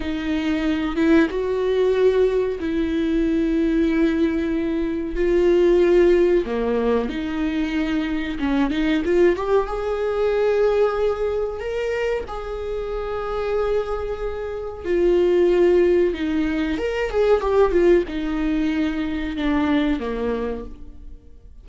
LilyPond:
\new Staff \with { instrumentName = "viola" } { \time 4/4 \tempo 4 = 93 dis'4. e'8 fis'2 | e'1 | f'2 ais4 dis'4~ | dis'4 cis'8 dis'8 f'8 g'8 gis'4~ |
gis'2 ais'4 gis'4~ | gis'2. f'4~ | f'4 dis'4 ais'8 gis'8 g'8 f'8 | dis'2 d'4 ais4 | }